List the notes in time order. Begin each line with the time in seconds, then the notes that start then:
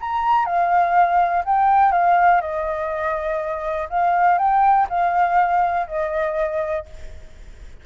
0.00 A#5
0.45 F5
1.44 G5
1.92 F5
2.41 D#5
3.89 F5
4.38 G5
4.89 F5
5.87 D#5